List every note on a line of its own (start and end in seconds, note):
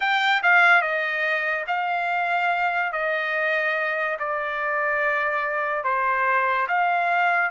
0.00 0.41 G5
0.42 0.81 F5
0.81 1.64 D#5
1.67 2.92 F5
2.92 4.17 D#5
4.19 5.83 D5
5.83 6.67 C5
6.67 7.50 F5